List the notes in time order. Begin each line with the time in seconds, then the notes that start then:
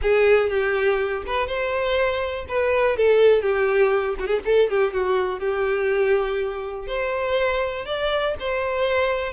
0.02 G#4
0.49 G4
1.26 B4
1.47 C5
2.48 B4
2.96 A4
3.42 G4
4.19 F#4
4.26 G#4
4.45 A4
4.70 G4
4.93 F#4
5.39 G4
6.87 C5
7.85 D5
8.39 C5